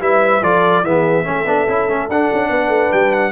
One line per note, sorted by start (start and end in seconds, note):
0.00 0.41 G3
0.00 0.42 E4
0.00 0.42 B4
0.00 0.43 E5
0.42 0.83 F3
0.42 0.85 F4
0.42 0.84 A4
0.42 0.84 D5
0.83 1.24 E3
0.83 1.24 B3
0.83 1.24 G#4
0.83 2.09 E5
1.24 1.45 A3
1.24 1.45 C#4
1.24 2.48 A4
1.45 1.66 B3
1.45 1.68 D4
1.68 1.89 C#4
1.68 1.88 E4
1.88 2.09 A3
1.88 2.09 C#4
2.09 2.29 D4
2.09 3.31 D4
2.09 2.92 F#5
2.33 2.50 C#4
2.49 2.68 B3
2.49 3.31 B4
2.68 2.89 A3
2.92 3.31 G3
2.92 3.12 G5
3.12 3.31 F#5